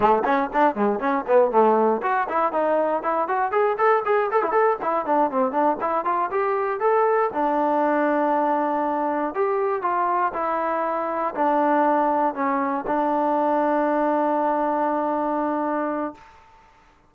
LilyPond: \new Staff \with { instrumentName = "trombone" } { \time 4/4 \tempo 4 = 119 a8 cis'8 d'8 gis8 cis'8 b8 a4 | fis'8 e'8 dis'4 e'8 fis'8 gis'8 a'8 | gis'8 a'16 e'16 a'8 e'8 d'8 c'8 d'8 e'8 | f'8 g'4 a'4 d'4.~ |
d'2~ d'8 g'4 f'8~ | f'8 e'2 d'4.~ | d'8 cis'4 d'2~ d'8~ | d'1 | }